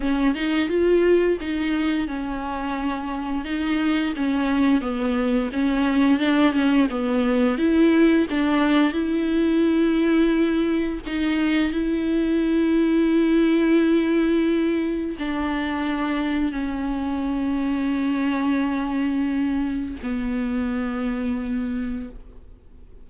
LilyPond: \new Staff \with { instrumentName = "viola" } { \time 4/4 \tempo 4 = 87 cis'8 dis'8 f'4 dis'4 cis'4~ | cis'4 dis'4 cis'4 b4 | cis'4 d'8 cis'8 b4 e'4 | d'4 e'2. |
dis'4 e'2.~ | e'2 d'2 | cis'1~ | cis'4 b2. | }